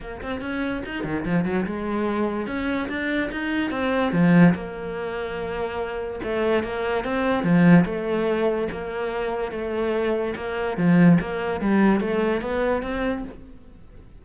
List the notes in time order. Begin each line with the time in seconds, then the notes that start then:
0.00 A#3
0.22 C4
0.41 C#4
0.85 D#4
1.03 D#3
1.25 F3
1.45 F#3
1.66 G#3
2.46 C#4
2.88 D4
3.31 D#4
3.70 C4
4.12 F3
4.54 A#3
6.23 A3
6.63 A#3
7.04 C4
7.43 F3
7.85 A3
8.71 A#3
9.51 A3
10.36 A#3
10.77 F3
11.20 A#3
11.60 G3
12.00 A3
12.41 B3
12.82 C4